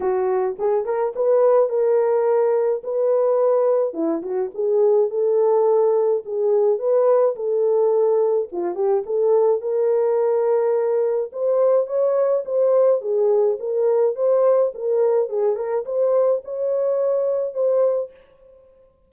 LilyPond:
\new Staff \with { instrumentName = "horn" } { \time 4/4 \tempo 4 = 106 fis'4 gis'8 ais'8 b'4 ais'4~ | ais'4 b'2 e'8 fis'8 | gis'4 a'2 gis'4 | b'4 a'2 f'8 g'8 |
a'4 ais'2. | c''4 cis''4 c''4 gis'4 | ais'4 c''4 ais'4 gis'8 ais'8 | c''4 cis''2 c''4 | }